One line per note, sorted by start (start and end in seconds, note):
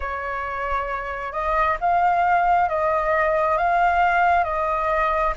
0.00 1.32 C#5
1.32 1.77 D#5
1.80 2.68 F5
2.68 3.57 D#5
3.57 4.44 F5
4.44 5.33 D#5